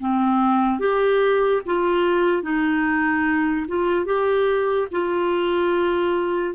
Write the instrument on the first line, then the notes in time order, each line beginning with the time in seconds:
clarinet
0.00 C4
0.80 G4
1.66 F4
2.43 D#4
3.68 F4
4.06 G4
4.92 F4